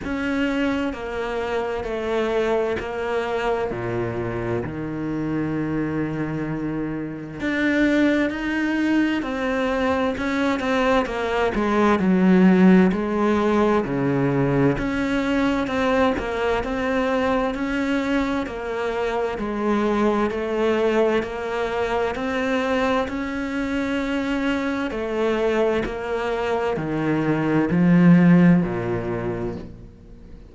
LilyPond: \new Staff \with { instrumentName = "cello" } { \time 4/4 \tempo 4 = 65 cis'4 ais4 a4 ais4 | ais,4 dis2. | d'4 dis'4 c'4 cis'8 c'8 | ais8 gis8 fis4 gis4 cis4 |
cis'4 c'8 ais8 c'4 cis'4 | ais4 gis4 a4 ais4 | c'4 cis'2 a4 | ais4 dis4 f4 ais,4 | }